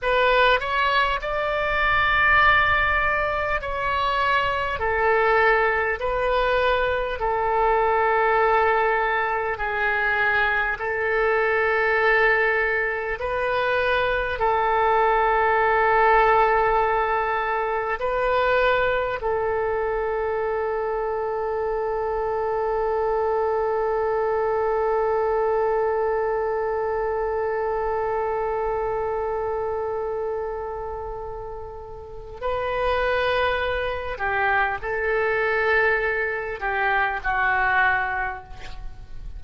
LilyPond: \new Staff \with { instrumentName = "oboe" } { \time 4/4 \tempo 4 = 50 b'8 cis''8 d''2 cis''4 | a'4 b'4 a'2 | gis'4 a'2 b'4 | a'2. b'4 |
a'1~ | a'1~ | a'2. b'4~ | b'8 g'8 a'4. g'8 fis'4 | }